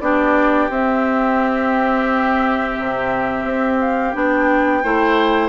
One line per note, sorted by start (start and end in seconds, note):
0.00 0.69 B3
0.00 0.70 D4
0.00 4.83 G4
0.00 0.69 D5
0.69 2.76 C4
0.69 4.13 C4
0.69 3.80 E5
2.78 3.44 C3
3.44 4.13 C4
3.80 4.14 F5
4.13 4.83 B3
4.13 4.82 D4
4.13 5.49 G5
4.83 5.49 A3
4.83 5.49 E4
4.83 5.49 C5